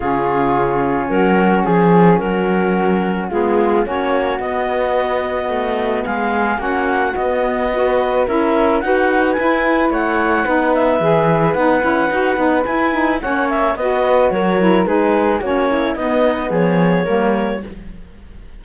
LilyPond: <<
  \new Staff \with { instrumentName = "clarinet" } { \time 4/4 \tempo 4 = 109 gis'2 ais'4 gis'4 | ais'2 gis'4 cis''4 | dis''2. f''4 | fis''4 dis''2 e''4 |
fis''4 gis''4 fis''4. e''8~ | e''4 fis''2 gis''4 | fis''8 e''8 dis''4 cis''4 b'4 | cis''4 dis''4 cis''2 | }
  \new Staff \with { instrumentName = "flute" } { \time 4/4 f'2 fis'4 gis'4 | fis'2 f'4 fis'4~ | fis'2. gis'4 | fis'2 b'4 ais'4 |
b'2 cis''4 b'4~ | b'1 | cis''4 b'4 ais'4 gis'4 | fis'8 e'8 dis'4 gis'4 ais'4 | }
  \new Staff \with { instrumentName = "saxophone" } { \time 4/4 cis'1~ | cis'2 b4 cis'4 | b1 | cis'4 b4 fis'4 e'4 |
fis'4 e'2 dis'4 | gis'4 dis'8 e'8 fis'8 dis'8 e'8 dis'8 | cis'4 fis'4. e'8 dis'4 | cis'4 b2 ais4 | }
  \new Staff \with { instrumentName = "cello" } { \time 4/4 cis2 fis4 f4 | fis2 gis4 ais4 | b2 a4 gis4 | ais4 b2 cis'4 |
dis'4 e'4 a4 b4 | e4 b8 cis'8 dis'8 b8 e'4 | ais4 b4 fis4 gis4 | ais4 b4 f4 g4 | }
>>